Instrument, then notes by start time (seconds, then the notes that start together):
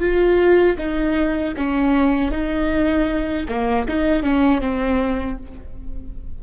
viola
0.00 F4
0.78 D#4
1.57 C#4
2.31 D#4
3.49 A#3
3.88 D#4
4.23 C#4
4.60 C4